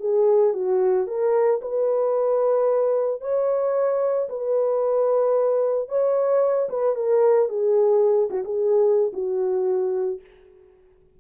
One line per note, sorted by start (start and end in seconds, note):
0.00 0.53 G#4
0.53 1.07 F#4
1.07 1.60 A#4
1.61 3.21 B4
3.21 4.28 C#5
4.29 5.89 B4
5.89 6.69 C#5
6.69 6.95 B4
6.95 7.49 A#4
7.49 8.29 G#4
8.30 8.44 F#4
8.45 9.12 G#4
9.13 10.20 F#4